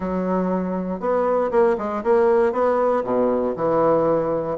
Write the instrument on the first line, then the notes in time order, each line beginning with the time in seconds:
bassoon
0.00 F#3
0.99 B3
1.51 A#3
1.78 G#3
2.03 A#3
2.52 B3
3.03 B2
3.56 E3